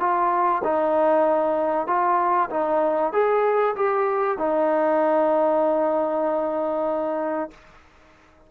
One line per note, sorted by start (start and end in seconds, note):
0.00 0.62 F4
0.64 1.87 D#4
1.87 2.50 F4
2.51 3.13 D#4
3.13 3.75 G#4
3.76 4.38 G4
4.38 7.51 D#4